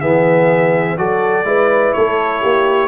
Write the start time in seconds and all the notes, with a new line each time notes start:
0.00 E3 B3 G#4 E5
0.97 F#3 F#4 A4 D5
1.44 G#3 E4 B4
1.93 A3 A4 C#5
2.41 A#3 G4